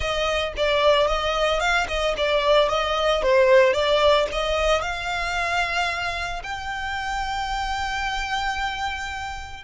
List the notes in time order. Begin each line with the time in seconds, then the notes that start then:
0.00 D#5
0.56 D5
1.07 D#5
1.60 F5
1.88 D#5
2.17 D5
2.68 D#5
3.22 C5
3.73 D5
4.31 D#5
4.81 F5
6.43 G5